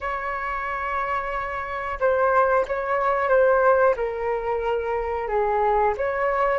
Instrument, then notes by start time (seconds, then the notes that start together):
flute
0.00 C#5
1.99 C5
2.67 C#5
3.28 C5
3.96 A#4
5.27 G#4
5.97 C#5